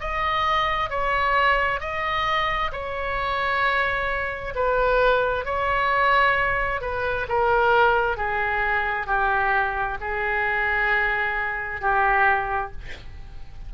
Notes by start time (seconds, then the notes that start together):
0.00 D#5
0.90 C#5
1.80 D#5
2.72 C#5
4.55 B4
5.45 C#5
6.81 B4
7.29 A#4
8.17 G#4
9.07 G4
10.00 G#4
11.81 G4